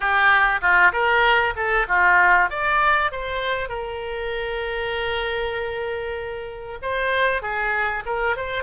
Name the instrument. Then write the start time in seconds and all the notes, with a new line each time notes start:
oboe
0.00 G4
0.61 F4
0.92 A#4
1.55 A4
1.88 F4
2.50 D5
3.11 C5
3.69 A#4
6.82 C5
7.41 G#4
8.05 A#4
8.36 C5